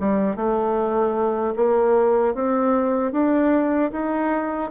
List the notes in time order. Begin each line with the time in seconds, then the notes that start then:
0.00 G3
0.37 A3
1.56 A#3
2.35 C4
3.13 D4
3.92 D#4